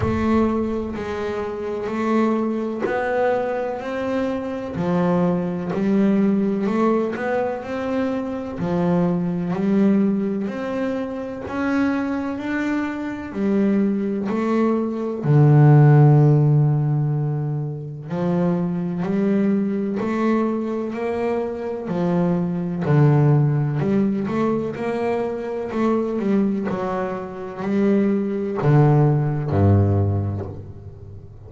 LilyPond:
\new Staff \with { instrumentName = "double bass" } { \time 4/4 \tempo 4 = 63 a4 gis4 a4 b4 | c'4 f4 g4 a8 b8 | c'4 f4 g4 c'4 | cis'4 d'4 g4 a4 |
d2. f4 | g4 a4 ais4 f4 | d4 g8 a8 ais4 a8 g8 | fis4 g4 d4 g,4 | }